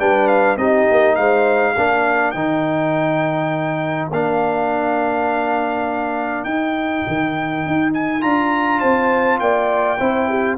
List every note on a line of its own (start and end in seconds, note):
0.00 0.57 G3
0.00 0.58 D4
0.00 0.58 B4
0.00 0.28 G5
0.28 0.57 F5
0.57 0.86 C4
0.57 1.76 D#4
0.57 1.17 G4
0.57 1.16 D#5
0.91 1.18 A#3
1.16 1.77 G#3
1.16 1.75 C5
1.16 2.31 F5
1.75 2.35 A#3
1.75 2.35 D4
1.75 8.80 A#4
2.31 4.10 D#3
2.31 4.12 D#4
2.31 4.08 G5
4.10 6.44 A#3
4.10 6.48 D4
4.10 6.44 F5
6.44 7.03 D#4
6.44 8.21 D#4
6.44 7.91 G5
7.08 7.66 D#3
7.66 8.24 D#4
7.94 8.22 G#5
8.21 8.83 D4
8.21 9.98 F4
8.21 8.80 A#5
8.80 9.40 C4
8.80 9.39 C5
8.80 9.39 A5
9.40 9.99 A#3
9.40 10.00 D5
9.40 10.57 G5
10.00 10.58 C4
10.00 10.58 E4
10.00 10.29 C5
10.29 10.58 G4